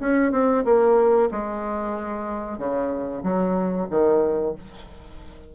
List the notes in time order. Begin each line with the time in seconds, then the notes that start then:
0.00 C#4
0.32 C4
0.65 A#3
1.32 G#3
2.59 C#3
3.23 F#3
3.91 D#3